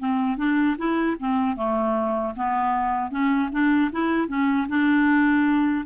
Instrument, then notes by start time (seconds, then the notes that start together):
clarinet
0.00 C4
0.38 D4
0.78 E4
1.20 C4
1.57 A3
2.37 B3
3.11 C#4
3.52 D4
3.92 E4
4.29 C#4
4.69 D4